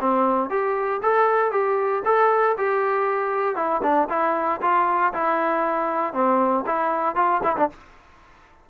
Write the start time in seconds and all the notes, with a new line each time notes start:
0.00 C4
0.49 G4
1.02 A4
1.51 G4
2.05 A4
2.57 G4
3.55 E4
3.82 D4
4.09 E4
4.61 F4
5.13 E4
6.13 C4
6.66 E4
7.15 F4
7.43 E4
7.56 D4